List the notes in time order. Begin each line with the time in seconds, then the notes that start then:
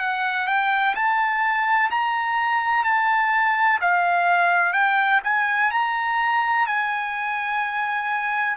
0.00 F#5
0.47 G5
0.95 A5
1.91 A#5
2.84 A5
3.81 F5
4.74 G5
5.24 G#5
5.71 A#5
6.67 G#5